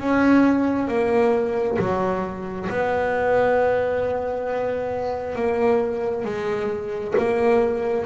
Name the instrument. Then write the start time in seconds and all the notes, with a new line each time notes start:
double bass
0.00 C#4
0.88 A#3
1.79 F#3
2.70 B3
5.36 A#3
6.25 G#3
7.18 A#3